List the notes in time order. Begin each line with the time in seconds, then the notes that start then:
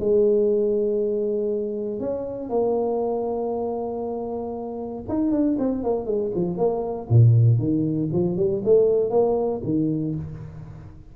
0.00 G#3
2.00 C#4
2.50 A#3
5.09 D#4
5.32 D4
5.59 C4
5.84 A#3
6.06 G#3
6.35 F3
6.58 A#3
7.10 A#2
7.59 D#3
8.13 F3
8.37 G3
8.65 A3
9.11 A#3
9.64 D#3